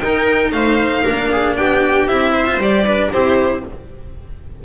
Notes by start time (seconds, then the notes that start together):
0.00 D#4 A#4 G5
0.52 A3 C5 F5
1.04 A#3 D4 A#4
1.32 G#4
1.57 B3 G4 G5
2.08 C4 E4 E5
2.34 C5
2.47 F4
2.57 G3 G4 D5
2.85 D4 B4
3.13 C4 E4 G4 C5